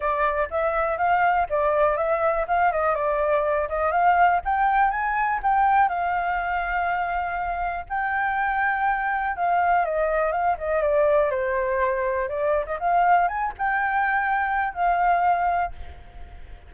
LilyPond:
\new Staff \with { instrumentName = "flute" } { \time 4/4 \tempo 4 = 122 d''4 e''4 f''4 d''4 | e''4 f''8 dis''8 d''4. dis''8 | f''4 g''4 gis''4 g''4 | f''1 |
g''2. f''4 | dis''4 f''8 dis''8 d''4 c''4~ | c''4 d''8. dis''16 f''4 gis''8 g''8~ | g''2 f''2 | }